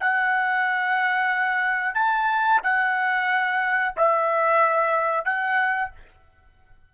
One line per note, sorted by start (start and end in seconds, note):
0.00 1.95 F#5
1.95 2.61 A5
2.63 3.95 F#5
3.97 5.25 E5
5.25 5.91 F#5